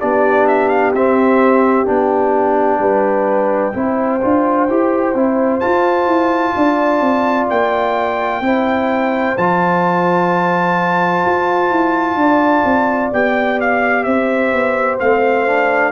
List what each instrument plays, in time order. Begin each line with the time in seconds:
0.00 tuba B3, trombone D4, horn G4, trumpet D5
0.48 trumpet E5
0.69 trumpet F5
0.94 tuba C4, trombone C4, trumpet E5
1.86 tuba B3, trombone D4, trumpet G5
2.79 tuba G3, horn B4
3.74 tuba C4, trombone E4, horn C5
4.22 tuba D4, trombone F4
4.69 tuba E4, trombone G4
5.14 tuba C4, trombone E4
5.60 trombone F4, tuba F4, trumpet A5
6.07 tuba E4
6.56 tuba D4, horn D5
7.01 tuba C4
7.50 tuba A#3, trumpet G5
8.41 tuba C4, trombone E4, horn C5
9.37 tuba F3, trombone F4, trumpet A5
11.26 tuba F4
11.71 tuba E4
12.16 tuba D4, horn D5
12.65 tuba C4
13.13 tuba B3, trombone G4, trumpet G5
13.61 trumpet F5
14.04 tuba C4, horn C5, trumpet E5
14.53 tuba B3
15.00 tuba A3, trombone C4, trumpet F5
15.47 trombone D4